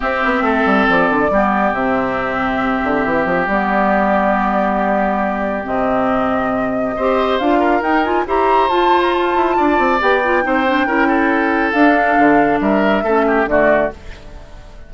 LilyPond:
<<
  \new Staff \with { instrumentName = "flute" } { \time 4/4 \tempo 4 = 138 e''2 d''2 | e''1 | d''1~ | d''4 dis''2.~ |
dis''4 f''4 g''8 gis''8 ais''4 | a''8. ais''16 a''2 g''4~ | g''2. f''4~ | f''4 e''2 d''4 | }
  \new Staff \with { instrumentName = "oboe" } { \time 4/4 g'4 a'2 g'4~ | g'1~ | g'1~ | g'1 |
c''4. ais'4. c''4~ | c''2 d''2 | c''4 ais'8 a'2~ a'8~ | a'4 ais'4 a'8 g'8 fis'4 | }
  \new Staff \with { instrumentName = "clarinet" } { \time 4/4 c'2. b4 | c'1 | b1~ | b4 c'2. |
g'4 f'4 dis'8 f'8 g'4 | f'2. g'8 f'8 | dis'8 d'8 e'2 d'4~ | d'2 cis'4 a4 | }
  \new Staff \with { instrumentName = "bassoon" } { \time 4/4 c'8 b8 a8 g8 f8 d8 g4 | c2~ c8 d8 e8 f8 | g1~ | g4 c2. |
c'4 d'4 dis'4 e'4 | f'4. e'8 d'8 c'8 b4 | c'4 cis'2 d'4 | d4 g4 a4 d4 | }
>>